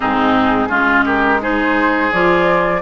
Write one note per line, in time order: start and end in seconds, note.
0.00 0.70 G#2
0.00 0.69 C4
0.00 0.68 D#4
0.00 1.04 G#4
0.69 2.11 G#3
0.69 1.40 C#4
0.69 1.04 F4
1.05 1.40 G4
1.05 1.41 A#4
1.40 2.11 D#4
1.40 2.81 G#4
1.40 2.11 C5
2.11 2.81 F3
2.11 2.81 F4
2.11 2.81 D5